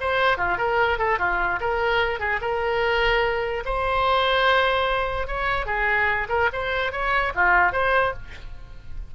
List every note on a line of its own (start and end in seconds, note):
0.00 0.37 C5
0.37 0.58 F4
0.58 0.98 A#4
0.98 1.18 A4
1.18 1.59 F4
1.60 2.19 A#4
2.19 2.40 G#4
2.41 3.63 A#4
3.65 5.27 C5
5.27 5.66 C#5
5.66 6.27 G#4
6.29 6.49 A#4
6.53 6.92 C5
6.92 7.32 C#5
7.35 7.72 F4
7.72 8.13 C5